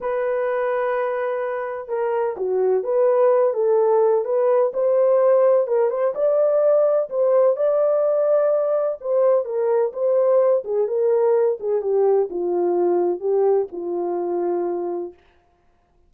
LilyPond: \new Staff \with { instrumentName = "horn" } { \time 4/4 \tempo 4 = 127 b'1 | ais'4 fis'4 b'4. a'8~ | a'4 b'4 c''2 | ais'8 c''8 d''2 c''4 |
d''2. c''4 | ais'4 c''4. gis'8 ais'4~ | ais'8 gis'8 g'4 f'2 | g'4 f'2. | }